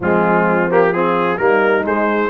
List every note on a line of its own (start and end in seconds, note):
0.00 1.38 F3
0.00 0.70 G#3
0.00 0.93 C4
0.00 0.71 F4
0.70 0.93 A#3
0.70 0.93 G4
0.93 1.38 C4
0.93 1.38 F4
0.93 1.37 G#4
1.37 1.84 G3
1.37 1.83 A#3
1.37 2.30 D#4
1.37 1.83 A#4
1.83 2.29 G#3
1.83 2.30 G#3
1.83 2.30 C5